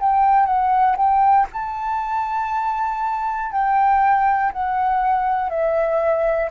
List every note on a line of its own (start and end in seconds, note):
0.00 0.46 G5
0.46 0.96 F#5
0.97 1.47 G5
1.53 3.52 A5
3.52 4.52 G5
4.53 5.50 F#5
5.50 6.50 E5